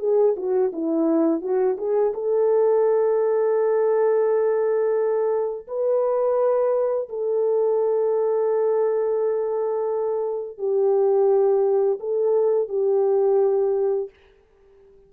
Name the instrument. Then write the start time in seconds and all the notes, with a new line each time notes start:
horn
0.00 G#4
0.37 F#4
0.73 E4
1.42 F#4
1.78 G#4
2.15 A4
5.68 B4
7.09 A4
10.59 G4
12.00 A4
12.69 G4